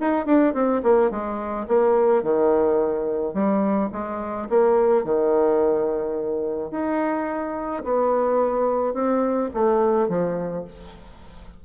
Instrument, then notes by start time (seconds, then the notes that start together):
bassoon
0.00 D#4
0.25 D4
0.54 C4
0.83 A#3
1.10 G#3
1.67 A#3
2.23 D#3
3.34 G3
3.92 G#3
4.49 A#3
5.04 D#3
6.71 D#4
7.84 B3
8.94 C4
9.54 A3
10.08 F3